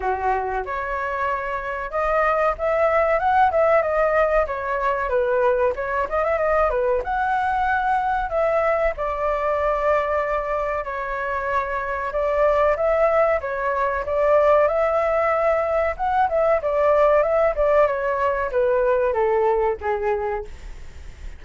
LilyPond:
\new Staff \with { instrumentName = "flute" } { \time 4/4 \tempo 4 = 94 fis'4 cis''2 dis''4 | e''4 fis''8 e''8 dis''4 cis''4 | b'4 cis''8 dis''16 e''16 dis''8 b'8 fis''4~ | fis''4 e''4 d''2~ |
d''4 cis''2 d''4 | e''4 cis''4 d''4 e''4~ | e''4 fis''8 e''8 d''4 e''8 d''8 | cis''4 b'4 a'4 gis'4 | }